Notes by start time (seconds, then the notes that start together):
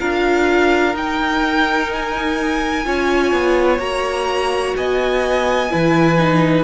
0.00 D4 F4 A#4 F5
0.94 D#4 G5
1.93 G#5
2.85 C#4 F4 C#5
3.32 B3
3.79 A#3 F#4 A#5
4.76 B3 D#5 G#5
5.70 E3 E4 B4
6.18 D#4